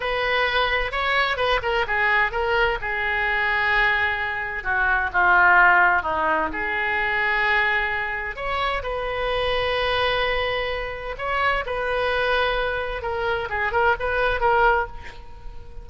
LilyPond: \new Staff \with { instrumentName = "oboe" } { \time 4/4 \tempo 4 = 129 b'2 cis''4 b'8 ais'8 | gis'4 ais'4 gis'2~ | gis'2 fis'4 f'4~ | f'4 dis'4 gis'2~ |
gis'2 cis''4 b'4~ | b'1 | cis''4 b'2. | ais'4 gis'8 ais'8 b'4 ais'4 | }